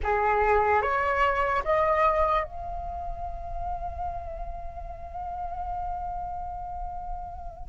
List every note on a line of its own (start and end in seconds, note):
0.03 0.81 G#4
0.81 1.63 C#5
1.64 2.43 D#5
2.43 7.69 F5